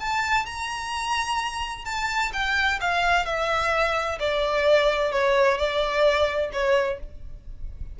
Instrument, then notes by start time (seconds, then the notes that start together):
violin
0.00 A5
0.46 A#5
1.85 A5
2.33 G5
2.81 F5
3.26 E5
4.19 D5
5.12 C#5
5.58 D5
6.53 C#5